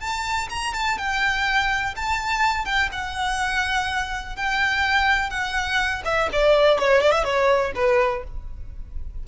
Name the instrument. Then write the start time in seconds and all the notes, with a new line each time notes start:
violin
0.00 A5
0.49 A#5
0.73 A5
0.98 G5
1.96 A5
2.65 G5
2.92 F#5
4.36 G5
5.30 F#5
6.05 E5
6.32 D5
6.79 C#5
7.02 D5
7.12 E5
7.24 C#5
7.75 B4